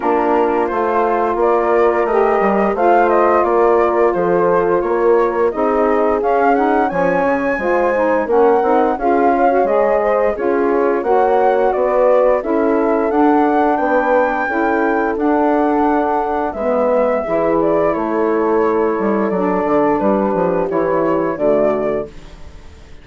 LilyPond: <<
  \new Staff \with { instrumentName = "flute" } { \time 4/4 \tempo 4 = 87 ais'4 c''4 d''4 dis''4 | f''8 dis''8 d''4 c''4 cis''4 | dis''4 f''8 fis''8 gis''2 | fis''4 f''4 dis''4 cis''4 |
fis''4 d''4 e''4 fis''4 | g''2 fis''2 | e''4. d''8 cis''2 | d''4 b'4 cis''4 d''4 | }
  \new Staff \with { instrumentName = "horn" } { \time 4/4 f'2 ais'2 | c''4 ais'4 a'4 ais'4 | gis'2 cis''4 c''4 | ais'4 gis'8 cis''4 c''8 gis'4 |
cis''4 b'4 a'2 | b'4 a'2. | b'4 gis'4 a'2~ | a'4 g'2 fis'4 | }
  \new Staff \with { instrumentName = "saxophone" } { \time 4/4 d'4 f'2 g'4 | f'1 | dis'4 cis'8 dis'8 cis'4 f'8 dis'8 | cis'8 dis'8 f'8. fis'16 gis'4 f'4 |
fis'2 e'4 d'4~ | d'4 e'4 d'2 | b4 e'2. | d'2 e'4 a4 | }
  \new Staff \with { instrumentName = "bassoon" } { \time 4/4 ais4 a4 ais4 a8 g8 | a4 ais4 f4 ais4 | c'4 cis'4 f8 cis8 gis4 | ais8 c'8 cis'4 gis4 cis'4 |
ais4 b4 cis'4 d'4 | b4 cis'4 d'2 | gis4 e4 a4. g8 | fis8 d8 g8 f8 e4 d4 | }
>>